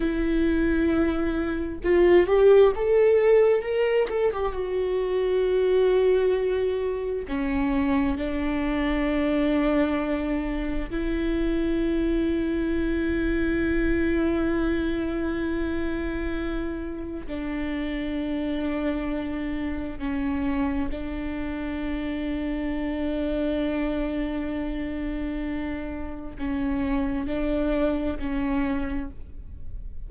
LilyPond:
\new Staff \with { instrumentName = "viola" } { \time 4/4 \tempo 4 = 66 e'2 f'8 g'8 a'4 | ais'8 a'16 g'16 fis'2. | cis'4 d'2. | e'1~ |
e'2. d'4~ | d'2 cis'4 d'4~ | d'1~ | d'4 cis'4 d'4 cis'4 | }